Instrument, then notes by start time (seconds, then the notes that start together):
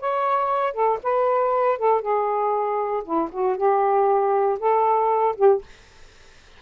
saxophone
0.00 C#5
0.73 A4
1.03 B4
1.78 A4
2.01 G#4
3.03 E4
3.31 F#4
3.57 G4
4.59 A4
5.36 G4